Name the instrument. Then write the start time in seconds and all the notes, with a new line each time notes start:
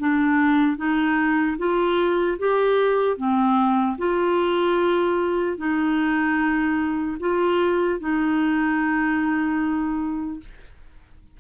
clarinet
0.00 D4
0.77 D#4
1.58 F4
2.39 G4
3.17 C4
3.98 F4
5.58 D#4
7.20 F4
8.00 D#4